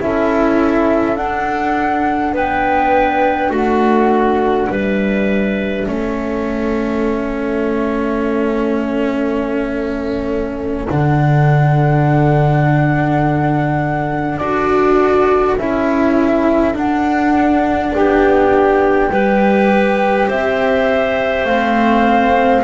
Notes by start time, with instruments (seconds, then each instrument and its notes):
0.00 double bass C#4, cello E4, clarinet A4, flute E5
1.17 cello D4, double bass D4, flute F#5
2.34 double bass B3, clarinet B4, flute G5
3.50 double bass A3, clarinet F#4, flute F#5
4.70 double bass G3, clarinet B4, flute E5
5.87 double bass A3, cello C#4, clarinet A4
10.89 double bass D3, cello D4, flute F#5
14.38 double bass D4, cello F#4, flute D5
15.58 double bass C#4, cello E4, flute E5
16.74 cello D4, double bass D4, flute F#5
17.95 double bass B3, clarinet G4, flute G5
19.10 double bass G3, cello G4, clarinet B4
20.28 double bass C4, clarinet C5, flute E5
21.45 double bass A3, cello C4, flute F5